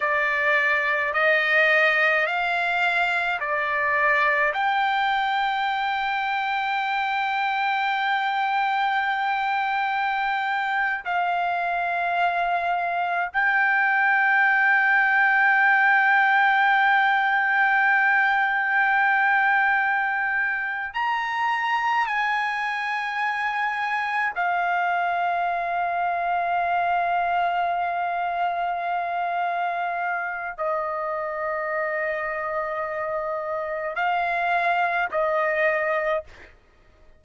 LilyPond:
\new Staff \with { instrumentName = "trumpet" } { \time 4/4 \tempo 4 = 53 d''4 dis''4 f''4 d''4 | g''1~ | g''4.~ g''16 f''2 g''16~ | g''1~ |
g''2~ g''8 ais''4 gis''8~ | gis''4. f''2~ f''8~ | f''2. dis''4~ | dis''2 f''4 dis''4 | }